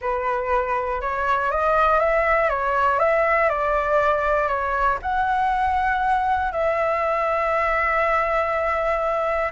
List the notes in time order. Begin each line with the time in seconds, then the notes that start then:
0.01 B4
1.01 C#5
1.51 D#5
1.99 E5
2.49 C#5
2.99 E5
3.49 D5
4.47 C#5
5.02 F#5
6.52 E5